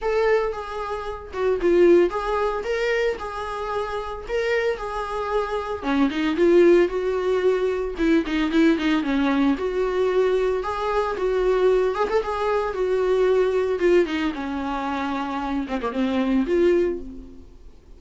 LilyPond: \new Staff \with { instrumentName = "viola" } { \time 4/4 \tempo 4 = 113 a'4 gis'4. fis'8 f'4 | gis'4 ais'4 gis'2 | ais'4 gis'2 cis'8 dis'8 | f'4 fis'2 e'8 dis'8 |
e'8 dis'8 cis'4 fis'2 | gis'4 fis'4. gis'16 a'16 gis'4 | fis'2 f'8 dis'8 cis'4~ | cis'4. c'16 ais16 c'4 f'4 | }